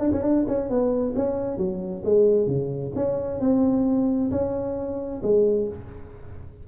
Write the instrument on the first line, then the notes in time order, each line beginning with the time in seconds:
tuba
0.00 D4
0.13 C#4
0.23 D4
0.48 C#4
0.70 B3
1.16 C#4
1.58 F#3
2.05 G#3
2.48 C#3
2.96 C#4
3.41 C4
4.32 C#4
5.23 G#3